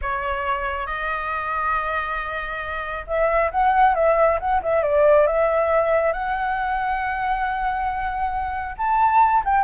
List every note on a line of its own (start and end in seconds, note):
0.01 0.86 C#5
0.86 3.05 D#5
3.07 3.50 E5
3.51 3.94 F#5
3.95 4.38 E5
4.39 4.61 F#5
4.62 4.83 E5
4.83 5.26 D5
5.27 6.12 E5
6.12 8.75 F#5
8.77 9.43 A5
9.44 9.64 G5